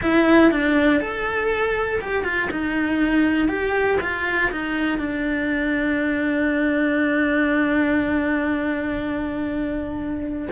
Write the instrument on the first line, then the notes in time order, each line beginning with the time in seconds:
cello
0.02 E4
0.51 D4
1.00 A4
2.01 G4
2.24 F4
2.50 D#4
3.48 G4
4.00 F4
4.51 D#4
4.98 D4